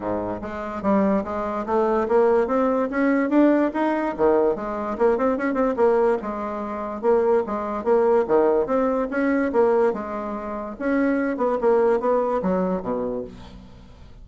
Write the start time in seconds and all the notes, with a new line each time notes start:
0.00 G#2
0.41 G#3
0.82 G3
1.24 G#3
1.66 A3
2.08 A#3
2.47 C4
2.90 C#4
3.29 D4
3.73 D#4
4.17 D#3
4.55 G#3
4.97 A#3
5.17 C4
5.37 C#4
5.54 C4
5.76 A#3
6.21 G#3
7.01 A#3
7.46 G#3
7.84 A#3
8.27 D#3
8.66 C4
9.10 C#4
9.52 A#3
9.93 G#3
10.79 C#4
11.37 B3
11.61 A#3
11.99 B3
12.42 F#3
12.82 B2